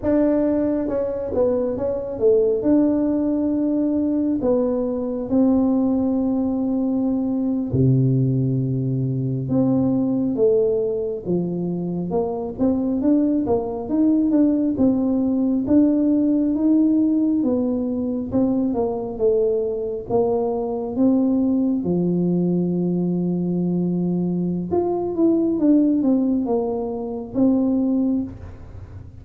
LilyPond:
\new Staff \with { instrumentName = "tuba" } { \time 4/4 \tempo 4 = 68 d'4 cis'8 b8 cis'8 a8 d'4~ | d'4 b4 c'2~ | c'8. c2 c'4 a16~ | a8. f4 ais8 c'8 d'8 ais8 dis'16~ |
dis'16 d'8 c'4 d'4 dis'4 b16~ | b8. c'8 ais8 a4 ais4 c'16~ | c'8. f2.~ f16 | f'8 e'8 d'8 c'8 ais4 c'4 | }